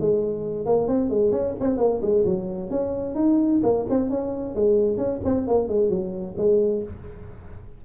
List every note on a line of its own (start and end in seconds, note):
0.00 0.65 G#3
0.65 0.87 A#3
0.87 1.10 C4
1.10 1.31 G#3
1.31 1.54 C#4
1.60 1.77 C4
1.77 2.00 A#3
2.01 2.24 G#3
2.25 2.70 F#3
2.70 3.15 C#4
3.15 3.61 D#4
3.63 3.86 A#3
3.89 4.09 C4
4.09 4.54 C#4
4.54 4.97 G#3
4.97 5.20 C#4
5.24 5.47 C4
5.47 5.68 A#3
5.68 5.89 G#3
5.89 6.35 F#3
6.37 6.83 G#3